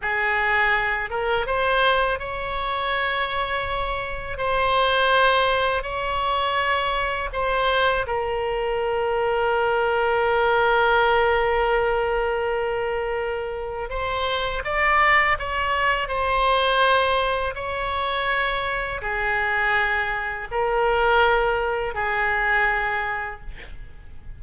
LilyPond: \new Staff \with { instrumentName = "oboe" } { \time 4/4 \tempo 4 = 82 gis'4. ais'8 c''4 cis''4~ | cis''2 c''2 | cis''2 c''4 ais'4~ | ais'1~ |
ais'2. c''4 | d''4 cis''4 c''2 | cis''2 gis'2 | ais'2 gis'2 | }